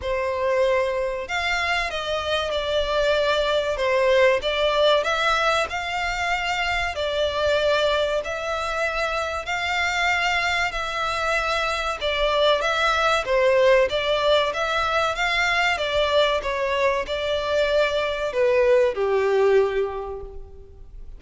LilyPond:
\new Staff \with { instrumentName = "violin" } { \time 4/4 \tempo 4 = 95 c''2 f''4 dis''4 | d''2 c''4 d''4 | e''4 f''2 d''4~ | d''4 e''2 f''4~ |
f''4 e''2 d''4 | e''4 c''4 d''4 e''4 | f''4 d''4 cis''4 d''4~ | d''4 b'4 g'2 | }